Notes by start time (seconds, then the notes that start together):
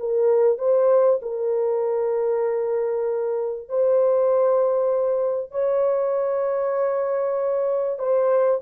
0.00 A#4
0.58 C5
1.23 A#4
3.69 C5
5.52 C#5
7.99 C5